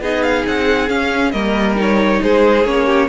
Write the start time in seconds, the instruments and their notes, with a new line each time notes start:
0.00 cello B3, viola D#4, violin G#4 D#5
0.24 violin F5
0.47 cello C4, violin F#5
0.89 viola C#4, cello C#4, violin F5
1.32 cello G3, viola A#3, violin A#4 D#5
1.76 viola D#4, violin C#5
2.23 cello G#3, violin G#4 C5
2.65 cello A#3, viola C#4, violin C#5
2.87 violin G4